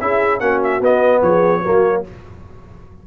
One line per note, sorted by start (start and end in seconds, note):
0.00 0.40 C#4
0.00 0.40 E4
0.00 0.39 G#4
0.00 0.40 E5
0.39 0.80 A#3
0.39 0.81 C#4
0.39 1.20 F#4
0.39 0.60 F#5
0.63 0.83 E5
0.80 1.21 B3
0.80 1.63 B3
0.80 1.22 D#5
1.22 1.62 F3
1.22 1.62 G#4
1.22 2.03 C#5
1.62 2.07 F#3
1.62 2.04 A#3
1.62 2.02 F#4